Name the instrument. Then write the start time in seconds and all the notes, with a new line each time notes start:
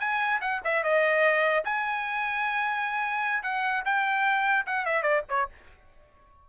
trumpet
0.00 G#5
0.41 F#5
0.64 E5
0.84 D#5
1.65 G#5
3.43 F#5
3.85 G5
4.67 F#5
4.86 E5
5.03 D5
5.29 C#5